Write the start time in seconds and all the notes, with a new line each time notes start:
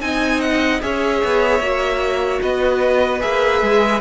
0.00 C4 D#4 D#5 G#5
0.41 F#5
0.80 C#4 G#4 C#5 E5
1.24 B3
1.59 A#3 F#4
2.41 B3 B4 D#5
3.20 A#3 G#4 E5
3.61 G#3